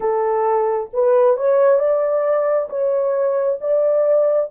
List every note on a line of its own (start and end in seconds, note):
0.00 0.90 A4
0.93 1.36 B4
1.36 1.79 C#5
1.79 2.68 D5
2.69 3.59 C#5
3.60 4.50 D5